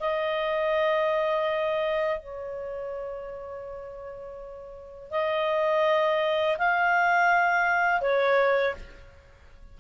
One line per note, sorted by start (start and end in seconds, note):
0.00 2.20 D#5
2.20 5.11 C#5
5.11 6.57 D#5
6.58 8.01 F5
8.01 8.74 C#5